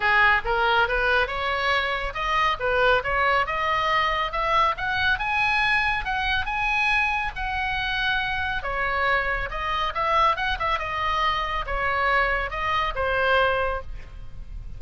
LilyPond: \new Staff \with { instrumentName = "oboe" } { \time 4/4 \tempo 4 = 139 gis'4 ais'4 b'4 cis''4~ | cis''4 dis''4 b'4 cis''4 | dis''2 e''4 fis''4 | gis''2 fis''4 gis''4~ |
gis''4 fis''2. | cis''2 dis''4 e''4 | fis''8 e''8 dis''2 cis''4~ | cis''4 dis''4 c''2 | }